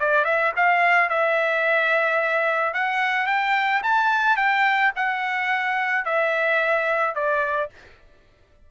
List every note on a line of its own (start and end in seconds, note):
0.00 0.25 D5
0.25 0.52 E5
0.56 1.10 F5
1.10 2.74 E5
2.74 3.27 F#5
3.27 3.82 G5
3.83 4.37 A5
4.37 4.92 G5
4.96 6.05 F#5
6.05 7.15 E5
7.15 7.70 D5